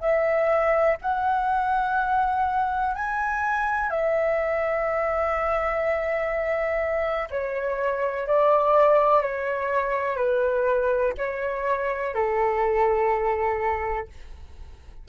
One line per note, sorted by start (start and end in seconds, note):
0.00 0.97 E5
1.02 2.95 F#5
2.95 3.90 G#5
3.90 7.28 E5
7.31 8.27 C#5
8.27 9.22 D5
9.22 10.16 C#5
10.16 11.13 B4
11.17 12.14 C#5
12.14 14.08 A4